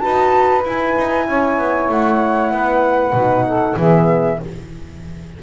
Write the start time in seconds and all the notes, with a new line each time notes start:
0.00 D#4 F#4 B4 A5
0.64 E4 G#5
0.98 D#4
1.28 C#4 C#5
1.58 B3
1.89 A3 F#5
2.51 B3 B4
3.13 B2 D#4
3.47 A4
3.77 E3 B3 G#4 E5